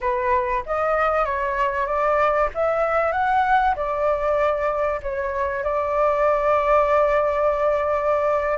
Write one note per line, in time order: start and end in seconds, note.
0.01 0.63 B4
0.66 1.25 D#5
1.25 1.86 C#5
1.86 2.49 D5
2.54 3.12 E5
3.12 3.74 F#5
3.75 5.00 D5
5.02 5.63 C#5
5.63 8.58 D5